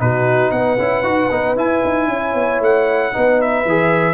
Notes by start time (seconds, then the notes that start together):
0.00 B2 D#4 F#4 B4
0.52 B3 B4 F#5
0.79 C#4 E4
1.03 D#4 F#4
1.31 B3 D#4
1.56 E4 G#5
1.85 D#4
2.08 C#4 C#5
2.35 B3
2.61 A3 F#5
3.13 B3 D#4 B4
3.42 E5
3.66 E3 G#4